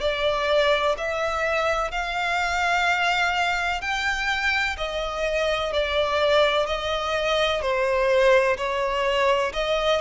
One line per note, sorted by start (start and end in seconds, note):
0.00 0.95 D5
0.97 1.91 E5
1.91 3.81 F5
3.81 4.76 G5
4.77 5.72 D#5
5.73 6.66 D5
6.66 7.61 D#5
7.61 8.57 C5
8.57 9.52 C#5
9.53 10.00 D#5